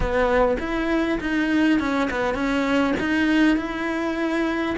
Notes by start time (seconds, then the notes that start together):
0.00 B3
0.59 E4
1.20 D#4
1.79 C#4
2.10 B3
2.34 C#4
2.99 D#4
3.56 E4